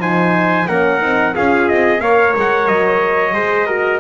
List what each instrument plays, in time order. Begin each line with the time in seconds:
0.00 double bass F3, horn D#4, trumpet C5 G#5
0.68 double bass A#3, horn C#4, trumpet A#4 F#5
1.00 double bass C4, horn D#4
1.35 double bass C#4, horn F4, trumpet G#4 F5
1.69 double bass C4, trumpet D#5
2.00 double bass A#3, horn A#4, trumpet C#5 F5
2.37 double bass G#3, trumpet F#5
2.68 double bass F#3, trumpet D#5
3.34 double bass G#3, horn G#4, trumpet C5
3.67 horn F#4, trumpet A#4